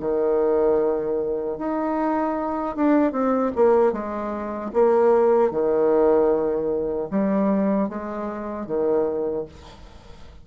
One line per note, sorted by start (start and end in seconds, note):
0.00 1.58 D#3
1.58 2.76 D#4
2.76 3.12 D4
3.12 3.51 C4
3.55 3.92 A#3
3.92 4.71 G#3
4.73 5.51 A#3
5.51 7.09 D#3
7.11 7.89 G3
7.89 8.66 G#3
8.66 9.45 D#3